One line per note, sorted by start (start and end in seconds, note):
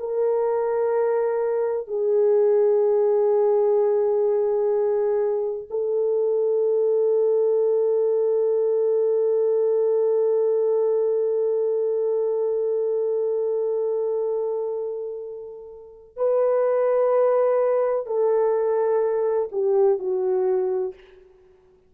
0.00 1.88 A#4
1.88 5.69 G#4
5.71 16.17 A4
16.17 18.07 B4
18.07 19.50 A4
19.52 20.00 G4
20.00 20.95 F#4